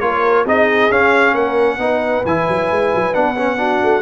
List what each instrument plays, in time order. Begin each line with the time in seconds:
0.00 tuba A#3, trombone F4, horn A#4, trumpet C#5
0.45 tuba C4, trombone D#4, horn G#4, trumpet D#5
0.90 tuba C#4, trombone C#4, trumpet F5
1.34 tuba A#3, horn A#4, trumpet F#5
1.78 tuba B3, trombone D#4, horn B4
2.25 tuba E3, trombone E4, trumpet G#5
2.48 tuba F#3
2.71 tuba G#3
2.95 tuba F#3
3.13 tuba B3, trombone D4, trumpet F#5
3.36 trombone C#4
3.57 trombone D4, horn F#4
3.83 tuba A3